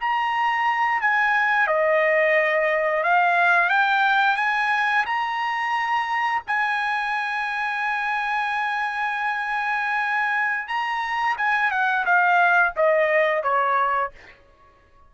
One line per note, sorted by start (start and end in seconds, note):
0.00 1.01 A#5
1.01 1.67 G#5
1.67 3.03 D#5
3.03 3.69 F5
3.69 4.37 G5
4.37 5.05 G#5
5.06 6.42 A#5
6.47 10.68 G#5
10.68 11.36 A#5
11.37 11.71 G#5
11.71 12.05 F#5
12.05 12.73 F5
12.76 13.43 D#5
13.43 14.11 C#5